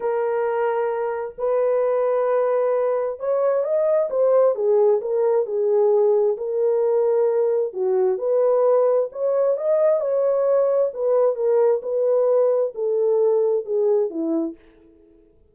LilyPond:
\new Staff \with { instrumentName = "horn" } { \time 4/4 \tempo 4 = 132 ais'2. b'4~ | b'2. cis''4 | dis''4 c''4 gis'4 ais'4 | gis'2 ais'2~ |
ais'4 fis'4 b'2 | cis''4 dis''4 cis''2 | b'4 ais'4 b'2 | a'2 gis'4 e'4 | }